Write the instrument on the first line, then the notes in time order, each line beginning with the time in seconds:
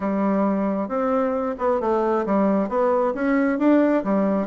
bassoon
0.00 G3
0.88 C4
1.58 B3
1.80 A3
2.26 G3
2.69 B3
3.14 C#4
3.59 D4
4.04 G3